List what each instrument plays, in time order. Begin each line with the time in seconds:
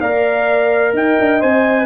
0.00 tuba A#3, trombone A#4, horn D5, trumpet F5
0.93 tuba D#4, horn D#5, trumpet G5
1.19 tuba D4
1.40 tuba C4, trombone C5, trumpet G#5